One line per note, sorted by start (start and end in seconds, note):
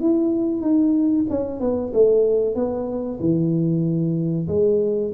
0.00 0.61 E4
0.61 1.25 D#4
1.30 1.60 C#4
1.60 1.92 B3
1.93 2.55 A3
2.55 3.19 B3
3.20 4.47 E3
4.48 5.12 G#3